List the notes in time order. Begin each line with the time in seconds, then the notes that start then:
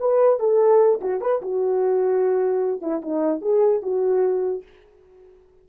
0.00 B4
0.40 A4
1.01 F#4
1.21 B4
1.42 F#4
2.82 E4
3.02 D#4
3.42 G#4
3.83 F#4